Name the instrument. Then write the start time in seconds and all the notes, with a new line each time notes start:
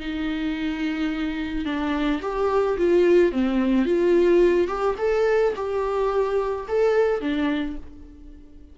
viola
0.00 D#4
1.65 D4
2.21 G4
2.78 F4
3.32 C4
3.85 F4
4.67 G4
4.98 A4
5.55 G4
6.68 A4
7.21 D4